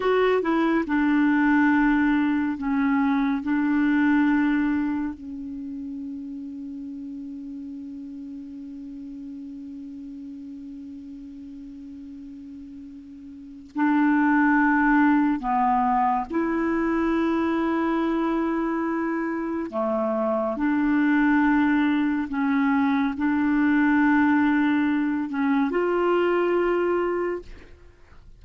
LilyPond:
\new Staff \with { instrumentName = "clarinet" } { \time 4/4 \tempo 4 = 70 fis'8 e'8 d'2 cis'4 | d'2 cis'2~ | cis'1~ | cis'1 |
d'2 b4 e'4~ | e'2. a4 | d'2 cis'4 d'4~ | d'4. cis'8 f'2 | }